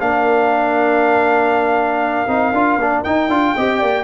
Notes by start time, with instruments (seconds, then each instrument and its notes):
0.00 tuba A#3, trombone D4, horn A#4, trumpet F5
2.27 tuba C4, trombone D#4
2.52 tuba D4, trombone F4
2.77 tuba A#3, trombone D4
3.04 trombone D#4, tuba D#4, trumpet G5
3.29 tuba D4, trombone F4
3.55 tuba C4, trombone G4, horn D#5
3.80 tuba A#3, horn D5